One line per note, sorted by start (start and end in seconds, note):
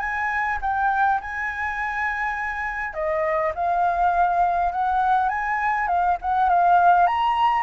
0.00 0.59 G#5
0.62 1.21 G5
1.21 2.94 G#5
2.94 3.53 D#5
3.55 4.72 F5
4.72 5.29 F#5
5.29 5.88 G#5
5.88 6.18 F5
6.22 6.50 F#5
6.50 7.07 F5
7.07 7.63 A#5